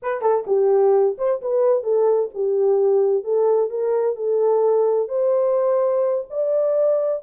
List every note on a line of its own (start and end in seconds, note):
0.02 0.21 B4
0.21 0.45 A4
0.46 1.16 G4
1.18 1.41 C5
1.41 1.83 B4
1.83 2.29 A4
2.34 3.24 G4
3.24 3.70 A4
3.70 4.16 A#4
4.16 5.08 A4
5.08 6.24 C5
6.30 7.23 D5